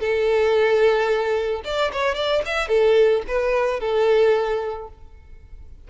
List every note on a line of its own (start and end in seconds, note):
0.00 1.62 A4
1.65 1.92 D5
1.92 2.15 C#5
2.15 2.42 D5
2.45 2.68 E5
2.68 3.22 A4
3.28 3.80 B4
3.80 4.88 A4